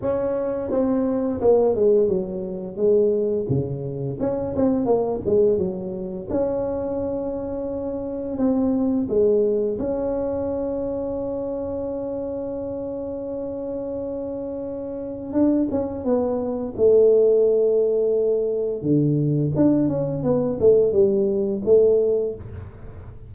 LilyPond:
\new Staff \with { instrumentName = "tuba" } { \time 4/4 \tempo 4 = 86 cis'4 c'4 ais8 gis8 fis4 | gis4 cis4 cis'8 c'8 ais8 gis8 | fis4 cis'2. | c'4 gis4 cis'2~ |
cis'1~ | cis'2 d'8 cis'8 b4 | a2. d4 | d'8 cis'8 b8 a8 g4 a4 | }